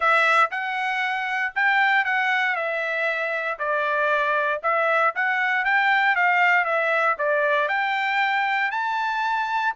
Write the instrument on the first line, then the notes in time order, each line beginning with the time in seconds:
trumpet
0.00 E5
0.50 F#5
1.55 G5
2.04 F#5
2.55 E5
3.58 D5
4.62 E5
5.15 F#5
5.64 G5
6.15 F5
6.64 E5
7.18 D5
7.68 G5
8.71 A5